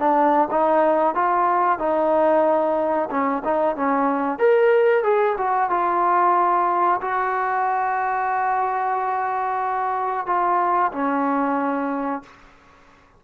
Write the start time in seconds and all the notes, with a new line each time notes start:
0.00 D4
0.51 D#4
1.15 F4
1.79 D#4
3.11 C#4
3.45 D#4
3.76 C#4
4.39 A#4
5.04 G#4
5.38 F#4
5.70 F4
7.01 F#4
10.27 F4
10.93 C#4